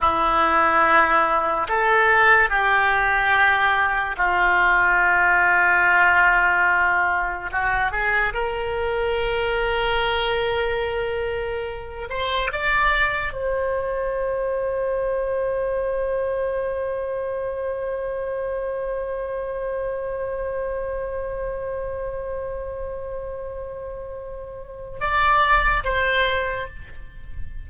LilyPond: \new Staff \with { instrumentName = "oboe" } { \time 4/4 \tempo 4 = 72 e'2 a'4 g'4~ | g'4 f'2.~ | f'4 fis'8 gis'8 ais'2~ | ais'2~ ais'8 c''8 d''4 |
c''1~ | c''1~ | c''1~ | c''2 d''4 c''4 | }